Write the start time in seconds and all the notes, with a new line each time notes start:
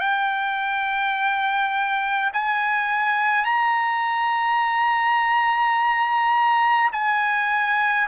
0.00 G5
2.33 G#5
3.45 A#5
6.92 G#5